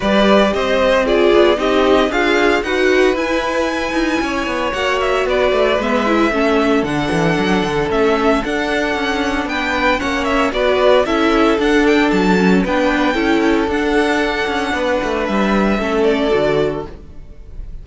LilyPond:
<<
  \new Staff \with { instrumentName = "violin" } { \time 4/4 \tempo 4 = 114 d''4 dis''4 d''4 dis''4 | f''4 fis''4 gis''2~ | gis''4 fis''8 e''8 d''4 e''4~ | e''4 fis''2 e''4 |
fis''2 g''4 fis''8 e''8 | d''4 e''4 fis''8 g''8 a''4 | g''2 fis''2~ | fis''4 e''4. d''4. | }
  \new Staff \with { instrumentName = "violin" } { \time 4/4 b'4 c''4 gis'4 g'4 | f'4 b'2. | cis''2 b'2 | a'1~ |
a'2 b'4 cis''4 | b'4 a'2. | b'4 a'2. | b'2 a'2 | }
  \new Staff \with { instrumentName = "viola" } { \time 4/4 g'2 f'4 dis'4 | gis'4 fis'4 e'2~ | e'4 fis'2 b8 e'8 | cis'4 d'2 cis'4 |
d'2. cis'4 | fis'4 e'4 d'4. cis'8 | d'4 e'4 d'2~ | d'2 cis'4 fis'4 | }
  \new Staff \with { instrumentName = "cello" } { \time 4/4 g4 c'4. b8 c'4 | d'4 dis'4 e'4. dis'8 | cis'8 b8 ais4 b8 a8 gis4 | a4 d8 e8 fis8 d8 a4 |
d'4 cis'4 b4 ais4 | b4 cis'4 d'4 fis4 | b4 cis'4 d'4. cis'8 | b8 a8 g4 a4 d4 | }
>>